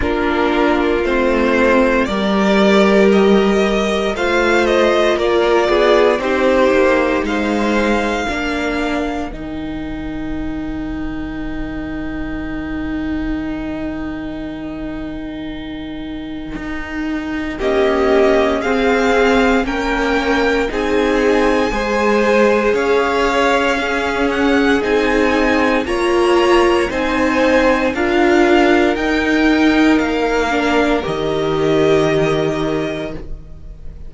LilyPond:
<<
  \new Staff \with { instrumentName = "violin" } { \time 4/4 \tempo 4 = 58 ais'4 c''4 d''4 dis''4 | f''8 dis''8 d''4 c''4 f''4~ | f''4 g''2.~ | g''1~ |
g''4 dis''4 f''4 g''4 | gis''2 f''4. fis''8 | gis''4 ais''4 gis''4 f''4 | g''4 f''4 dis''2 | }
  \new Staff \with { instrumentName = "violin" } { \time 4/4 f'2 ais'2 | c''4 ais'8 gis'8 g'4 c''4 | ais'1~ | ais'1~ |
ais'4 g'4 gis'4 ais'4 | gis'4 c''4 cis''4 gis'4~ | gis'4 cis''4 c''4 ais'4~ | ais'1 | }
  \new Staff \with { instrumentName = "viola" } { \time 4/4 d'4 c'4 g'2 | f'2 dis'2 | d'4 dis'2.~ | dis'1~ |
dis'4 ais4 c'4 cis'4 | dis'4 gis'2 cis'4 | dis'4 f'4 dis'4 f'4 | dis'4. d'8 g'2 | }
  \new Staff \with { instrumentName = "cello" } { \time 4/4 ais4 a4 g2 | a4 ais8 b8 c'8 ais8 gis4 | ais4 dis2.~ | dis1 |
dis'4 cis'4 c'4 ais4 | c'4 gis4 cis'2 | c'4 ais4 c'4 d'4 | dis'4 ais4 dis2 | }
>>